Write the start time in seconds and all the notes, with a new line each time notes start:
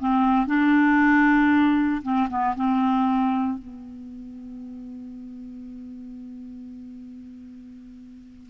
0.00 C4
0.47 D4
2.03 C4
2.29 B3
2.56 C4
3.59 B3